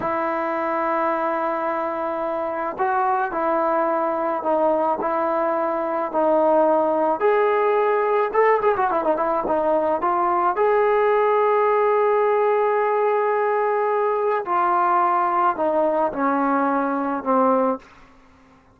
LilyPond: \new Staff \with { instrumentName = "trombone" } { \time 4/4 \tempo 4 = 108 e'1~ | e'4 fis'4 e'2 | dis'4 e'2 dis'4~ | dis'4 gis'2 a'8 gis'16 fis'16 |
e'16 dis'16 e'8 dis'4 f'4 gis'4~ | gis'1~ | gis'2 f'2 | dis'4 cis'2 c'4 | }